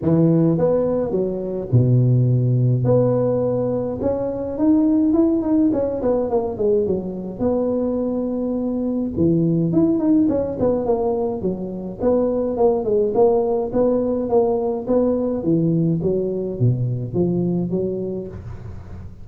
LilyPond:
\new Staff \with { instrumentName = "tuba" } { \time 4/4 \tempo 4 = 105 e4 b4 fis4 b,4~ | b,4 b2 cis'4 | dis'4 e'8 dis'8 cis'8 b8 ais8 gis8 | fis4 b2. |
e4 e'8 dis'8 cis'8 b8 ais4 | fis4 b4 ais8 gis8 ais4 | b4 ais4 b4 e4 | fis4 b,4 f4 fis4 | }